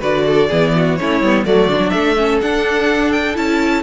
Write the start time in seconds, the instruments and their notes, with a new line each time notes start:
0.00 cello D3, viola F#4, violin B4 D5
0.27 violin A4
0.49 cello E3, viola B3, violin G#4
0.76 violin F#4
0.96 cello A3, viola C#4, violin E4 C#5
1.21 cello G3, viola B3
1.46 cello F#3, viola A3, violin F#4 D5
1.68 cello D3, viola D4
1.79 cello F#3
1.90 cello A3, violin A4 E5
2.17 viola C#4
2.41 viola D4, cello D4, violin F#5
3.12 violin G5
3.34 cello C#4, viola E4, violin A5